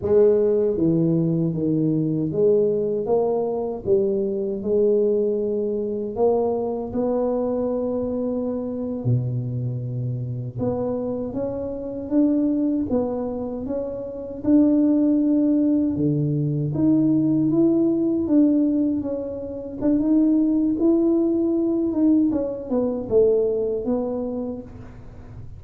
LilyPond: \new Staff \with { instrumentName = "tuba" } { \time 4/4 \tempo 4 = 78 gis4 e4 dis4 gis4 | ais4 g4 gis2 | ais4 b2~ b8. b,16~ | b,4.~ b,16 b4 cis'4 d'16~ |
d'8. b4 cis'4 d'4~ d'16~ | d'8. d4 dis'4 e'4 d'16~ | d'8. cis'4 d'16 dis'4 e'4~ | e'8 dis'8 cis'8 b8 a4 b4 | }